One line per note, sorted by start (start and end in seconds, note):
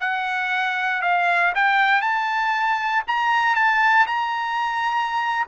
0.00 1.02 F#5
1.02 1.53 F5
1.55 2.02 G5
2.02 3.03 A5
3.08 3.55 A#5
3.55 4.06 A5
4.07 5.46 A#5